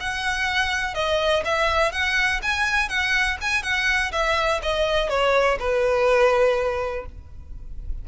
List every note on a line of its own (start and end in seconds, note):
0.00 0.94 F#5
0.94 1.43 D#5
1.45 1.92 E5
1.92 2.41 F#5
2.42 2.88 G#5
2.88 3.37 F#5
3.41 3.63 G#5
3.63 4.11 F#5
4.12 4.61 E5
4.63 5.09 D#5
5.09 5.58 C#5
5.59 7.06 B4